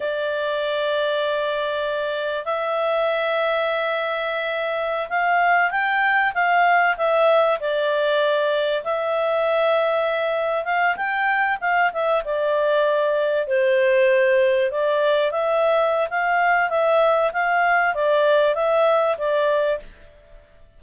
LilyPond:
\new Staff \with { instrumentName = "clarinet" } { \time 4/4 \tempo 4 = 97 d''1 | e''1~ | e''16 f''4 g''4 f''4 e''8.~ | e''16 d''2 e''4.~ e''16~ |
e''4~ e''16 f''8 g''4 f''8 e''8 d''16~ | d''4.~ d''16 c''2 d''16~ | d''8. e''4~ e''16 f''4 e''4 | f''4 d''4 e''4 d''4 | }